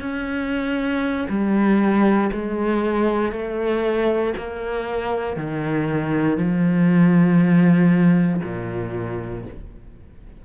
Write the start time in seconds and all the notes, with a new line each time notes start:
0.00 C#4
1.29 G3
2.32 G#3
3.32 A3
4.37 A#3
5.36 D#3
6.37 F3
8.43 A#2